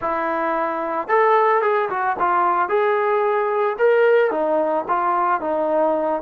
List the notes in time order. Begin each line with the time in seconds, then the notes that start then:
0.01 E4
1.08 A4
1.62 G#4
1.89 F#4
2.19 F4
2.68 G#4
3.78 A#4
4.30 D#4
4.88 F4
5.41 D#4